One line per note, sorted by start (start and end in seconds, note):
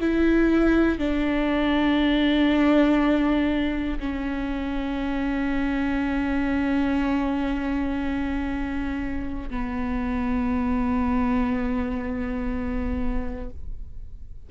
0.00 0.98 E4
0.98 3.98 D4
3.99 9.49 C#4
9.49 13.49 B3